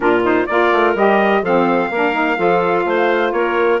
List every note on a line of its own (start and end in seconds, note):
0.00 0.45 A#2
0.00 0.21 D4
0.00 0.48 F4
0.00 0.24 A#4
0.23 0.47 D#4
0.23 0.46 C5
0.46 0.72 A#3
0.46 0.96 F4
0.46 1.42 A#4
0.46 0.94 D5
0.72 0.94 A3
0.94 1.42 G3
0.94 1.43 G4
0.94 1.44 D#5
1.42 1.90 F3
1.42 1.92 C4
1.42 1.90 A4
1.42 3.32 F5
1.90 2.38 A#3
1.90 2.12 D4
1.90 2.37 A#4
2.12 2.36 D#4
2.36 2.85 F3
2.36 3.79 F4
2.36 2.85 A4
2.85 3.32 A3
2.85 3.33 C5
3.32 3.80 A#3
3.32 3.80 A#4
3.32 3.80 C#5